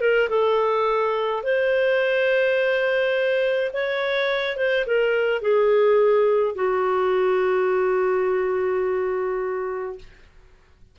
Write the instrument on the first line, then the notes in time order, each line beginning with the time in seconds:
clarinet
0.00 A#4
0.29 A4
1.43 C5
3.73 C#5
4.56 C5
4.86 A#4
5.41 G#4
6.55 F#4